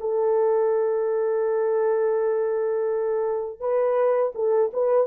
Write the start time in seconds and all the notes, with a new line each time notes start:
0.00 A4
3.60 B4
4.34 A4
4.73 B4